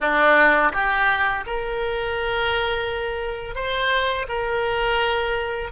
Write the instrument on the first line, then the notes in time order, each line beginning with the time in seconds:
oboe
0.00 D4
0.72 G4
1.46 A#4
3.55 C5
4.28 A#4